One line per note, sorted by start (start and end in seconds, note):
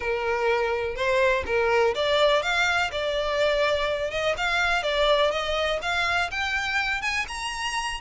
0.00 0.95 A#4
0.95 1.44 C5
1.46 1.94 A#4
1.95 2.42 D5
2.42 2.91 F5
2.91 4.11 D5
4.11 4.35 D#5
4.37 4.82 F5
4.82 5.31 D5
5.31 5.79 D#5
5.82 6.30 F5
6.31 7.01 G5
7.01 7.25 G#5
7.28 8.00 A#5